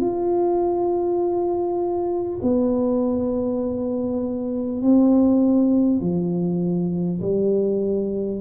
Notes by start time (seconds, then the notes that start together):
0.00 F4
2.43 B3
4.82 C4
6.01 F3
7.22 G3